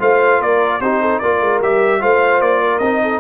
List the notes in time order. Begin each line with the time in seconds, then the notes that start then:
0.00 A3 F4 C5 F5
0.40 A#3 A#4 D5
0.80 C4 D#4 G4 C5
1.01 A4
1.19 A#3 F4 A#4 D5
1.41 G#3
1.62 G3 G4 E5
2.00 A3 F4 C5 F5
2.41 A#3 D5
2.62 A#4
2.79 C4 D#4 D#5
3.03 A4